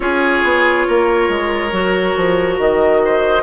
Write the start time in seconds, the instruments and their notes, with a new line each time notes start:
0.00 bassoon C#4, clarinet F4, oboe G#4, flute C#5
0.43 bassoon B3
0.87 bassoon A#3, oboe A#4
1.29 bassoon G#3
1.71 bassoon F#3, clarinet F#4
2.16 bassoon F3
2.58 bassoon D#3, flute D#5
3.04 oboe C5